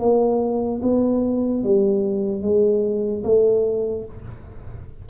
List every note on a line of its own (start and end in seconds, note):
0.00 0.81 A#3
0.83 1.64 B3
1.64 2.43 G3
2.43 3.24 G#3
3.24 4.05 A3